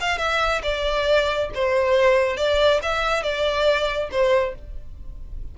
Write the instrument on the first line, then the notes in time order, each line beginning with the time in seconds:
violin
0.00 F5
0.18 E5
0.63 D5
1.54 C5
2.37 D5
2.82 E5
3.22 D5
4.11 C5